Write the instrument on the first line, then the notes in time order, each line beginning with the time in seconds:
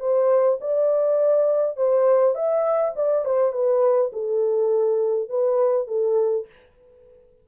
horn
0.00 C5
0.61 D5
1.77 C5
2.35 E5
2.96 D5
3.25 C5
3.52 B4
4.13 A4
5.29 B4
5.88 A4